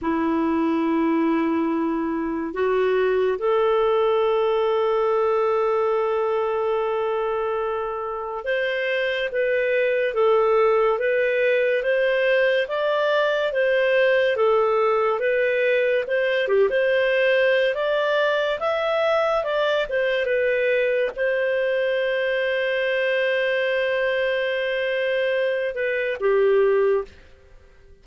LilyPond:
\new Staff \with { instrumentName = "clarinet" } { \time 4/4 \tempo 4 = 71 e'2. fis'4 | a'1~ | a'2 c''4 b'4 | a'4 b'4 c''4 d''4 |
c''4 a'4 b'4 c''8 g'16 c''16~ | c''4 d''4 e''4 d''8 c''8 | b'4 c''2.~ | c''2~ c''8 b'8 g'4 | }